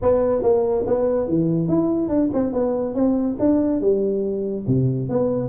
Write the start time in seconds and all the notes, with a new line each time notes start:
0.02 B3
0.42 A#3
0.86 B3
1.28 E3
1.68 E4
2.08 D4
2.33 C4
2.53 B3
2.94 C4
3.39 D4
3.80 G3
4.67 C3
5.09 B3